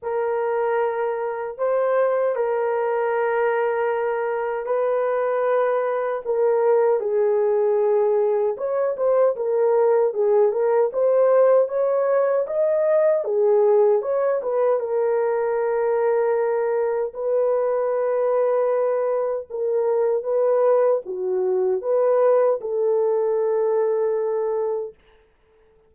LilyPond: \new Staff \with { instrumentName = "horn" } { \time 4/4 \tempo 4 = 77 ais'2 c''4 ais'4~ | ais'2 b'2 | ais'4 gis'2 cis''8 c''8 | ais'4 gis'8 ais'8 c''4 cis''4 |
dis''4 gis'4 cis''8 b'8 ais'4~ | ais'2 b'2~ | b'4 ais'4 b'4 fis'4 | b'4 a'2. | }